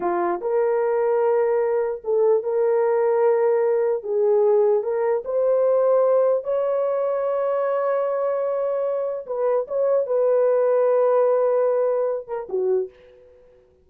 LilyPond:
\new Staff \with { instrumentName = "horn" } { \time 4/4 \tempo 4 = 149 f'4 ais'2.~ | ais'4 a'4 ais'2~ | ais'2 gis'2 | ais'4 c''2. |
cis''1~ | cis''2. b'4 | cis''4 b'2.~ | b'2~ b'8 ais'8 fis'4 | }